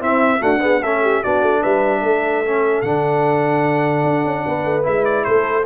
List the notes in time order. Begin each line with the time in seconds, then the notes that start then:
0.00 C4 E4 E5
0.39 A3 D4 F#4 F#5
0.61 B3 G#4
0.82 A3 C#4 A4 E5
1.03 G4
1.22 B3 D4 F#4 D5
1.42 A3
1.61 G3 B4 E5
2.01 A3 A4
2.46 C#4
2.82 D3 D4 F#5
4.04 D4
4.25 C#4
4.46 B3 B4
4.65 A3
4.83 G#3 E4 E5
5.05 D5
5.24 A3 A4 C5